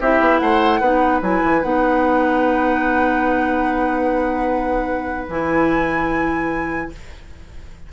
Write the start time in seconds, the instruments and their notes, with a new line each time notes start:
0.00 bassoon C4, clarinet E4, oboe G4, flute E5
0.20 bassoon B3
0.38 bassoon A3, oboe C5, flute F#5
0.80 bassoon B3, clarinet D#4, oboe B4
1.21 bassoon F#3, clarinet E4, flute G#5
1.44 bassoon E3
1.62 bassoon B3, clarinet D#4, flute F#5
5.28 bassoon E3, clarinet E4, flute G#5